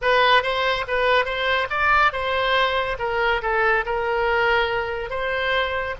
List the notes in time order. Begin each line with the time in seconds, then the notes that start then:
0.01 B4
0.42 C5
0.87 B4
1.25 C5
1.69 D5
2.12 C5
2.98 A#4
3.42 A4
3.85 A#4
5.10 C5